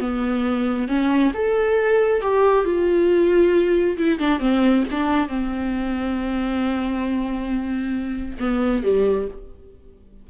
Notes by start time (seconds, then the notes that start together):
0.00 B3
0.88 C#4
1.34 A4
2.21 G4
2.65 F4
3.97 E4
4.19 D4
4.39 C4
4.91 D4
5.28 C4
8.39 B3
8.83 G3